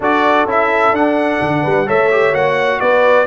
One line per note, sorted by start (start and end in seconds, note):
0.00 0.45 D4
0.00 0.47 F#4
0.00 1.62 A4
0.00 0.49 D5
0.45 0.91 C#4
0.45 0.94 E4
0.45 0.95 E5
0.91 1.38 D4
0.91 1.86 D4
0.91 1.88 F#5
1.41 1.64 D3
1.62 1.89 G3
1.62 1.86 B4
1.86 2.33 A3
1.86 2.09 A4
1.86 2.80 C#5
1.86 2.35 E5
2.11 2.33 G4
2.33 2.80 A#3
2.33 3.26 F#4
2.33 2.79 F#5
2.79 3.26 B3
2.79 3.26 B4
2.79 3.26 D5